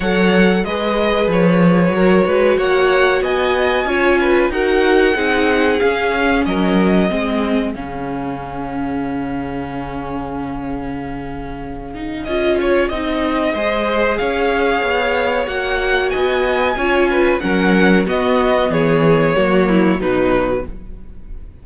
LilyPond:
<<
  \new Staff \with { instrumentName = "violin" } { \time 4/4 \tempo 4 = 93 fis''4 dis''4 cis''2 | fis''4 gis''2 fis''4~ | fis''4 f''4 dis''2 | f''1~ |
f''2. dis''8 cis''8 | dis''2 f''2 | fis''4 gis''2 fis''4 | dis''4 cis''2 b'4 | }
  \new Staff \with { instrumentName = "violin" } { \time 4/4 cis''4 b'2 ais'8 b'8 | cis''4 dis''4 cis''8 b'8 ais'4 | gis'2 ais'4 gis'4~ | gis'1~ |
gis'1~ | gis'4 c''4 cis''2~ | cis''4 dis''4 cis''8 b'8 ais'4 | fis'4 gis'4 fis'8 e'8 dis'4 | }
  \new Staff \with { instrumentName = "viola" } { \time 4/4 a'4 gis'2 fis'4~ | fis'2 f'4 fis'4 | dis'4 cis'2 c'4 | cis'1~ |
cis'2~ cis'8 dis'8 f'4 | dis'4 gis'2. | fis'2 f'4 cis'4 | b2 ais4 fis4 | }
  \new Staff \with { instrumentName = "cello" } { \time 4/4 fis4 gis4 f4 fis8 gis8 | ais4 b4 cis'4 dis'4 | c'4 cis'4 fis4 gis4 | cis1~ |
cis2. cis'4 | c'4 gis4 cis'4 b4 | ais4 b4 cis'4 fis4 | b4 e4 fis4 b,4 | }
>>